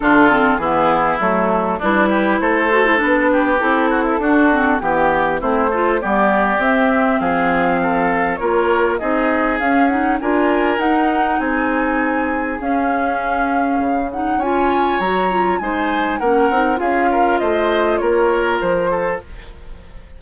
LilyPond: <<
  \new Staff \with { instrumentName = "flute" } { \time 4/4 \tempo 4 = 100 a'4 gis'4 a'4 b'4 | c''4 b'4 a'2 | g'4 c''4 d''4 e''4 | f''2 cis''4 dis''4 |
f''8 fis''8 gis''4 fis''4 gis''4~ | gis''4 f''2~ f''8 fis''8 | gis''4 ais''4 gis''4 fis''4 | f''4 dis''4 cis''4 c''4 | }
  \new Staff \with { instrumentName = "oboe" } { \time 4/4 f'4 e'2 d'8 g'8 | a'4. g'4 fis'16 e'16 fis'4 | g'4 e'8 a'8 g'2 | gis'4 a'4 ais'4 gis'4~ |
gis'4 ais'2 gis'4~ | gis'1 | cis''2 c''4 ais'4 | gis'8 ais'8 c''4 ais'4. a'8 | }
  \new Staff \with { instrumentName = "clarinet" } { \time 4/4 d'8 c'8 b4 a4 e'4~ | e'8 fis'16 e'16 d'4 e'4 d'8 c'8 | b4 c'8 f'8 b4 c'4~ | c'2 f'4 dis'4 |
cis'8 dis'8 f'4 dis'2~ | dis'4 cis'2~ cis'8 dis'8 | f'4 fis'8 f'8 dis'4 cis'8 dis'8 | f'1 | }
  \new Staff \with { instrumentName = "bassoon" } { \time 4/4 d4 e4 fis4 g4 | a4 b4 c'4 d'4 | e4 a4 g4 c'4 | f2 ais4 c'4 |
cis'4 d'4 dis'4 c'4~ | c'4 cis'2 cis4 | cis'4 fis4 gis4 ais8 c'8 | cis'4 a4 ais4 f4 | }
>>